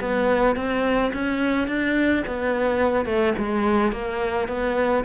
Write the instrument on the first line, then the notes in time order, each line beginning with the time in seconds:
cello
0.00 B3
0.56 C4
1.13 C#4
1.67 D4
2.26 B3
3.05 A3
3.38 G#3
3.92 A#3
4.48 B3